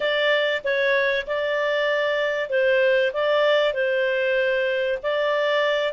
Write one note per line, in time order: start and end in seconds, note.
0.00 0.62 D5
0.64 1.26 C#5
1.27 2.49 D5
2.49 3.12 C5
3.13 3.73 D5
3.73 4.98 C5
5.03 5.93 D5